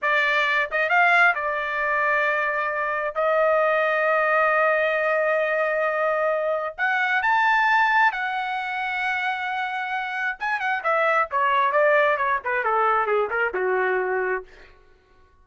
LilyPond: \new Staff \with { instrumentName = "trumpet" } { \time 4/4 \tempo 4 = 133 d''4. dis''8 f''4 d''4~ | d''2. dis''4~ | dis''1~ | dis''2. fis''4 |
a''2 fis''2~ | fis''2. gis''8 fis''8 | e''4 cis''4 d''4 cis''8 b'8 | a'4 gis'8 ais'8 fis'2 | }